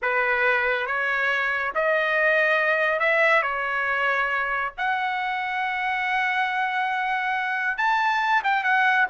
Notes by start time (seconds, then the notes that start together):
0.02 B4
0.86 C#5
1.74 D#5
2.99 E5
3.42 C#5
4.77 F#5
7.77 A5
8.43 G5
8.63 F#5